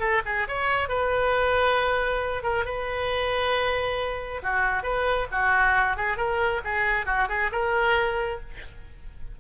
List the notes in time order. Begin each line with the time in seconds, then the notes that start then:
0.00 A4
0.25 G#4
0.48 C#5
0.89 B4
2.43 A#4
2.66 B4
4.43 F#4
4.83 B4
5.32 F#4
5.97 G#4
6.17 A#4
6.64 G#4
7.06 F#4
7.29 G#4
7.52 A#4